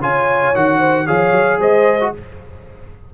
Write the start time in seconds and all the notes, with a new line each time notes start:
0.00 C#3 F4 C#5 G#5
0.55 D#3 F#4 F#5
0.79 C5
1.07 F3 G#4 C#5 F5
1.32 F#3
1.59 G#3 C5 D#5
2.01 F#4